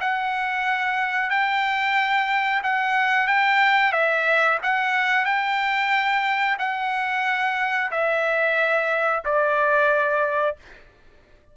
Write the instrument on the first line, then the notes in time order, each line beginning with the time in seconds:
trumpet
0.00 F#5
1.30 G5
2.63 F#5
3.27 G5
3.92 E5
4.63 F#5
5.25 G5
6.58 F#5
7.91 E5
9.24 D5